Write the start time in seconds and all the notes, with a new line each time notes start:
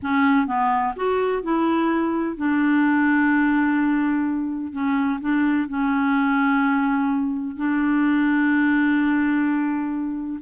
0.02 C#4
0.46 B3
0.96 F#4
1.42 E4
2.36 D4
4.72 C#4
5.21 D4
5.68 C#4
7.56 D4